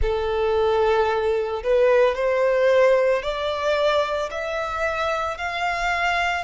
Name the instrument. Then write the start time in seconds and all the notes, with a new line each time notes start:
violin
0.02 A4
1.63 B4
2.15 C5
3.22 D5
4.31 E5
5.37 F5